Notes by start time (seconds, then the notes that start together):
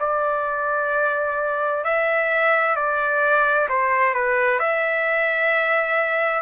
0.00 D5
1.84 E5
2.76 D5
3.69 C5
4.14 B4
4.59 E5